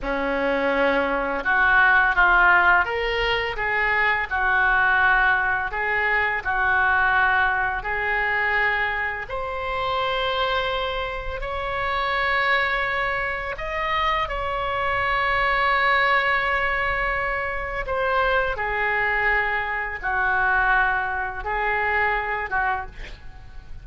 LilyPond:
\new Staff \with { instrumentName = "oboe" } { \time 4/4 \tempo 4 = 84 cis'2 fis'4 f'4 | ais'4 gis'4 fis'2 | gis'4 fis'2 gis'4~ | gis'4 c''2. |
cis''2. dis''4 | cis''1~ | cis''4 c''4 gis'2 | fis'2 gis'4. fis'8 | }